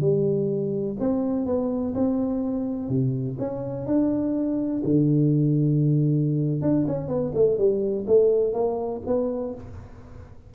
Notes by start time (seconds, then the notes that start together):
0.00 G3
0.99 C4
1.46 B3
1.94 C4
2.89 C3
3.39 C#4
3.86 D4
4.84 D3
6.62 D4
6.87 C#4
7.08 B3
7.34 A3
7.58 G3
8.07 A3
8.53 A#3
9.06 B3